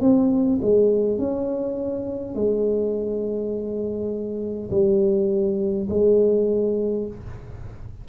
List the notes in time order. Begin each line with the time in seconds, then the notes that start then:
0.00 C4
0.61 G#3
1.18 C#4
2.35 G#3
4.70 G3
5.89 G#3